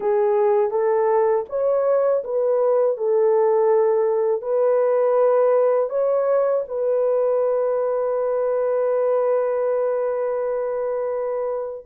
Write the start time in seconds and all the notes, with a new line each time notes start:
0.00 G#4
0.70 A4
1.49 C#5
2.24 B4
2.97 A4
4.41 B4
5.89 C#5
6.68 B4